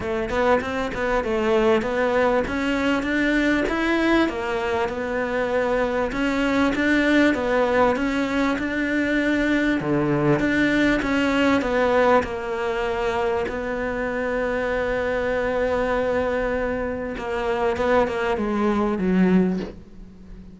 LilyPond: \new Staff \with { instrumentName = "cello" } { \time 4/4 \tempo 4 = 98 a8 b8 c'8 b8 a4 b4 | cis'4 d'4 e'4 ais4 | b2 cis'4 d'4 | b4 cis'4 d'2 |
d4 d'4 cis'4 b4 | ais2 b2~ | b1 | ais4 b8 ais8 gis4 fis4 | }